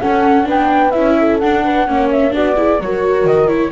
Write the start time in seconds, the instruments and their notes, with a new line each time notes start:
0.00 viola C#4, double bass C#4, horn A4, flute F#5
0.44 double bass B3, viola D4, horn B4
0.50 flute G5
0.91 double bass C#4, viola E4, flute E5
1.19 horn A4
1.39 double bass D4, viola D4, flute F#5
1.65 horn B4
1.87 double bass A#3, viola C#4, horn C#5
2.11 flute E5
2.30 double bass B3, viola D4, horn F#4, flute D5
2.56 viola E4, horn G#4
2.79 double bass F#3, viola F#4, horn A#4, flute C#5
3.24 double bass D#3, flute D#5
3.48 viola E4, flute C#5